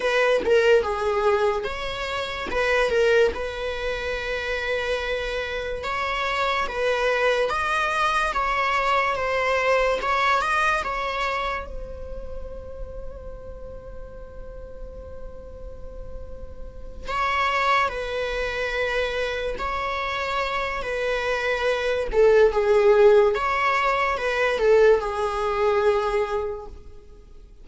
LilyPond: \new Staff \with { instrumentName = "viola" } { \time 4/4 \tempo 4 = 72 b'8 ais'8 gis'4 cis''4 b'8 ais'8 | b'2. cis''4 | b'4 dis''4 cis''4 c''4 | cis''8 dis''8 cis''4 c''2~ |
c''1~ | c''8 cis''4 b'2 cis''8~ | cis''4 b'4. a'8 gis'4 | cis''4 b'8 a'8 gis'2 | }